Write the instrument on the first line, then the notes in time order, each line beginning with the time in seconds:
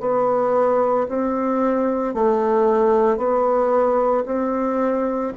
bassoon
0.00 B3
1.09 C4
2.14 A3
3.17 B3
4.26 C4